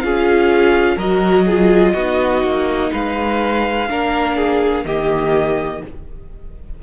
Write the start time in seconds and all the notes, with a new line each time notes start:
0.00 C#4 F4 G#4 F5
0.96 F#3 F#4 A#4 D#5
1.45 F4 G#4
1.93 B3 D#4 F#4
2.42 A#3
2.91 G#3 B4 F5
3.89 A#3 D4 A#4
4.36 G#4
4.84 D#3 A#3 G4 D#5